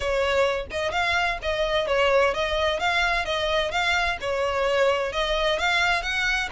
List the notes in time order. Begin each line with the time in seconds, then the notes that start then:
0.00 C#5
0.70 D#5
0.91 F5
1.42 D#5
1.87 C#5
2.34 D#5
2.79 F5
3.25 D#5
3.71 F5
4.20 C#5
5.12 D#5
5.59 F5
6.02 F#5